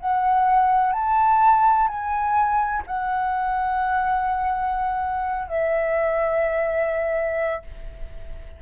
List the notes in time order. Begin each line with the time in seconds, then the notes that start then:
0.00 F#5
0.93 A5
1.88 G#5
2.87 F#5
5.48 E5